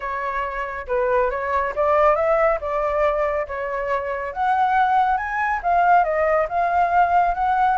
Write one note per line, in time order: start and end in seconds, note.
0.00 0.86 C#5
0.87 1.30 B4
1.30 1.73 C#5
1.75 2.15 D5
2.15 2.59 E5
2.60 3.46 D5
3.47 4.33 C#5
4.33 5.17 F#5
5.17 5.60 G#5
5.62 6.04 F5
6.04 6.47 D#5
6.48 7.34 F5
7.34 7.77 F#5